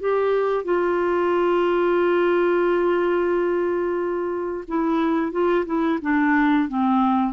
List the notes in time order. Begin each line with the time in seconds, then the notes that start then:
0.00 G4
0.65 F4
4.68 E4
5.32 F4
5.66 E4
6.02 D4
6.69 C4